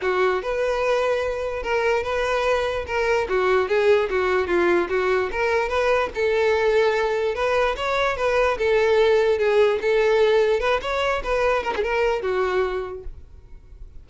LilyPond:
\new Staff \with { instrumentName = "violin" } { \time 4/4 \tempo 4 = 147 fis'4 b'2. | ais'4 b'2 ais'4 | fis'4 gis'4 fis'4 f'4 | fis'4 ais'4 b'4 a'4~ |
a'2 b'4 cis''4 | b'4 a'2 gis'4 | a'2 b'8 cis''4 b'8~ | b'8 ais'16 gis'16 ais'4 fis'2 | }